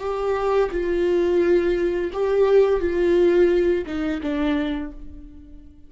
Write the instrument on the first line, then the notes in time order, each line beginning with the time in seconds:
viola
0.00 G4
0.71 F4
2.13 G4
2.80 F4
3.86 D#4
4.22 D4